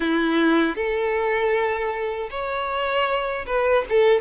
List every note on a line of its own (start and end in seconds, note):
0.00 0.75 E4
0.75 2.29 A4
2.30 3.45 C#5
3.46 3.84 B4
3.88 4.21 A4